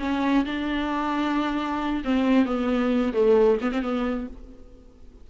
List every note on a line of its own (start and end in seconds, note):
0.00 0.45 C#4
0.45 2.03 D4
2.05 2.45 C4
2.45 3.13 B3
3.14 3.59 A3
3.62 3.72 B3
3.72 3.82 C4
3.82 4.28 B3